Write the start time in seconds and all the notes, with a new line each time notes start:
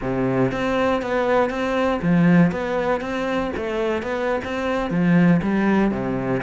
0.01 C3
0.51 C4
1.02 B3
1.49 C4
2.02 F3
2.51 B3
3.00 C4
3.56 A3
4.02 B3
4.44 C4
4.90 F3
5.42 G3
5.91 C3